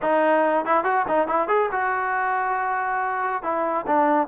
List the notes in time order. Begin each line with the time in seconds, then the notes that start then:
0.02 D#4
0.65 E4
0.84 F#4
1.08 D#4
1.27 E4
1.48 G#4
1.71 F#4
3.42 E4
3.86 D4